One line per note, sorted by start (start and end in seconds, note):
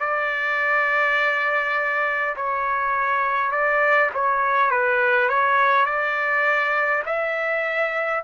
0.00 2.35 D5
2.36 3.51 C#5
3.51 4.10 D5
4.14 4.71 C#5
4.71 5.29 B4
5.29 5.86 C#5
5.86 7.03 D5
7.06 8.24 E5